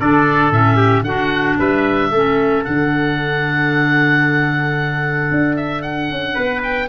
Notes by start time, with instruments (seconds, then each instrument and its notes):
0.00 tuba D3, clarinet D4, trumpet A4, oboe D5
0.51 tuba A2, clarinet C#4, oboe E5
0.77 trumpet G4
1.02 tuba D3, clarinet D4, trumpet F#4, oboe F#5
1.59 tuba G3, trumpet B4, oboe E5
2.11 tuba A3, clarinet C#4, trumpet A4
2.65 tuba D3, clarinet D4, oboe F#5
5.31 tuba D4
5.57 oboe E5
5.83 oboe F#5
6.11 tuba C#4
6.34 tuba B3, trumpet B4
6.64 oboe G5